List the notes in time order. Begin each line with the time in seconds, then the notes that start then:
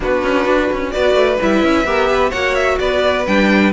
0.00 B3 D4 F#4 B4
0.23 C#4
0.46 D4
0.72 C#4
0.91 B3 F#4 B4 D5
1.14 A3
1.41 G3 E4 E5
1.63 C#4
1.85 B3 G4 A#4
2.10 B4
2.30 A#3 F#4 C#5 F#5
2.54 E5
2.79 B3 B4 D5
3.26 G3 D4 G5